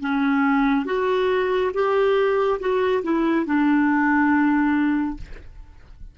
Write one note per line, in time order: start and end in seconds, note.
0.00 0.85 C#4
0.85 1.71 F#4
1.73 2.59 G4
2.59 3.02 F#4
3.02 3.45 E4
3.45 5.17 D4